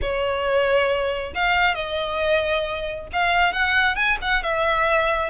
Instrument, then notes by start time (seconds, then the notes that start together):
violin
0.01 C#5
1.34 F5
1.74 D#5
3.12 F5
3.53 F#5
3.95 G#5
4.21 F#5
4.42 E5